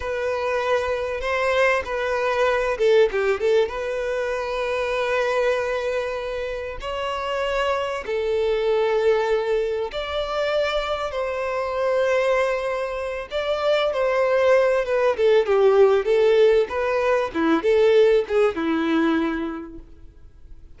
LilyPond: \new Staff \with { instrumentName = "violin" } { \time 4/4 \tempo 4 = 97 b'2 c''4 b'4~ | b'8 a'8 g'8 a'8 b'2~ | b'2. cis''4~ | cis''4 a'2. |
d''2 c''2~ | c''4. d''4 c''4. | b'8 a'8 g'4 a'4 b'4 | e'8 a'4 gis'8 e'2 | }